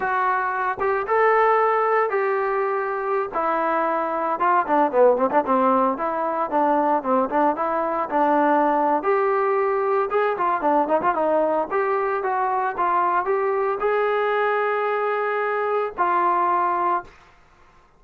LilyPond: \new Staff \with { instrumentName = "trombone" } { \time 4/4 \tempo 4 = 113 fis'4. g'8 a'2 | g'2~ g'16 e'4.~ e'16~ | e'16 f'8 d'8 b8 c'16 d'16 c'4 e'8.~ | e'16 d'4 c'8 d'8 e'4 d'8.~ |
d'4 g'2 gis'8 f'8 | d'8 dis'16 f'16 dis'4 g'4 fis'4 | f'4 g'4 gis'2~ | gis'2 f'2 | }